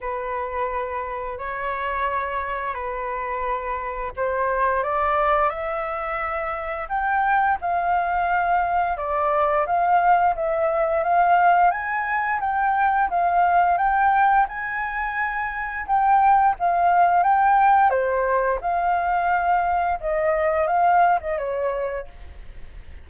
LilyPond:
\new Staff \with { instrumentName = "flute" } { \time 4/4 \tempo 4 = 87 b'2 cis''2 | b'2 c''4 d''4 | e''2 g''4 f''4~ | f''4 d''4 f''4 e''4 |
f''4 gis''4 g''4 f''4 | g''4 gis''2 g''4 | f''4 g''4 c''4 f''4~ | f''4 dis''4 f''8. dis''16 cis''4 | }